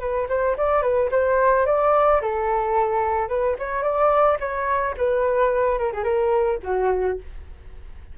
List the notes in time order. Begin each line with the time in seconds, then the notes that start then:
0.00 B4
0.29 C5
0.57 D5
0.82 B4
1.11 C5
1.66 D5
2.22 A4
3.29 B4
3.59 C#5
3.83 D5
4.40 C#5
4.97 B4
5.78 A#4
5.93 G#4
6.04 A#4
6.63 F#4